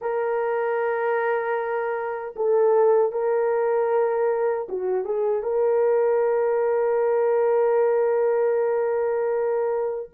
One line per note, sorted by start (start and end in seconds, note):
0.01 2.34 A#4
2.36 3.12 A4
3.12 4.68 A#4
4.68 5.04 F#4
5.04 5.42 G#4
5.42 10.10 A#4